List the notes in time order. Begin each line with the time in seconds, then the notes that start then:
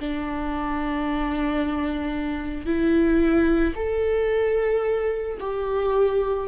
0.00 D4
2.66 E4
3.76 A4
5.40 G4